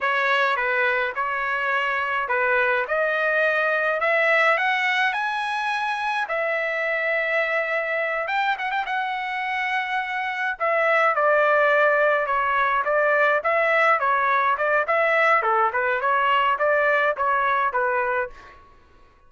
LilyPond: \new Staff \with { instrumentName = "trumpet" } { \time 4/4 \tempo 4 = 105 cis''4 b'4 cis''2 | b'4 dis''2 e''4 | fis''4 gis''2 e''4~ | e''2~ e''8 g''8 fis''16 g''16 fis''8~ |
fis''2~ fis''8 e''4 d''8~ | d''4. cis''4 d''4 e''8~ | e''8 cis''4 d''8 e''4 a'8 b'8 | cis''4 d''4 cis''4 b'4 | }